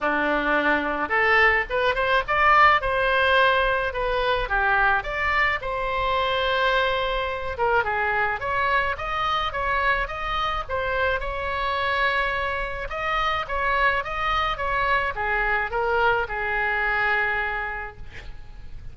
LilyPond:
\new Staff \with { instrumentName = "oboe" } { \time 4/4 \tempo 4 = 107 d'2 a'4 b'8 c''8 | d''4 c''2 b'4 | g'4 d''4 c''2~ | c''4. ais'8 gis'4 cis''4 |
dis''4 cis''4 dis''4 c''4 | cis''2. dis''4 | cis''4 dis''4 cis''4 gis'4 | ais'4 gis'2. | }